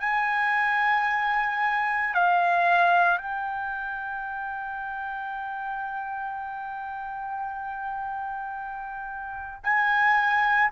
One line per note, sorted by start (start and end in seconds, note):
0.00 2.14 G#5
2.14 3.18 F5
3.18 9.61 G5
9.63 10.70 G#5